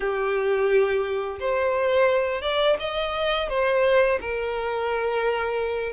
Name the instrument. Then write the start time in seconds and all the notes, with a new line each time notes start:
violin
0.00 G4
1.40 C5
2.41 D5
2.79 D#5
3.49 C5
4.21 A#4